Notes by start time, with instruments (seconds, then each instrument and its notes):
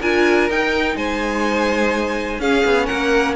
0.00 cello D4, viola F4, violin A#4 G#5
0.50 cello D#4, viola D#4, violin G5
0.96 cello G#3, violin C5 G#5
2.39 cello C#4, viola C#4, violin G#4 F5
2.65 cello B3
2.86 cello A#3, violin A#4 F#5